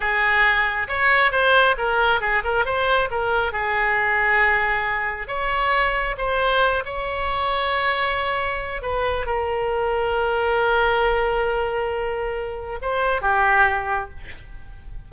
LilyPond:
\new Staff \with { instrumentName = "oboe" } { \time 4/4 \tempo 4 = 136 gis'2 cis''4 c''4 | ais'4 gis'8 ais'8 c''4 ais'4 | gis'1 | cis''2 c''4. cis''8~ |
cis''1 | b'4 ais'2.~ | ais'1~ | ais'4 c''4 g'2 | }